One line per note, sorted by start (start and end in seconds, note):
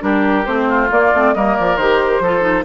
0.00 0.45 G3
0.00 0.44 D4
0.00 0.68 G4
0.00 0.45 A#4
0.45 0.90 A3
0.45 0.90 C4
0.45 0.89 C5
0.68 1.34 F4
0.90 1.12 A#3
0.90 1.34 D5
1.14 1.35 A3
1.14 1.35 C4
1.34 1.56 G3
1.34 1.79 A#3
1.34 2.22 A#4
1.34 1.55 D#5
1.55 1.76 F3
1.55 1.76 D5
1.76 2.19 D#3
1.76 2.24 G4
1.76 2.64 C5
2.19 2.63 F3
2.19 2.40 F4
2.19 2.64 A4
2.40 2.62 D#4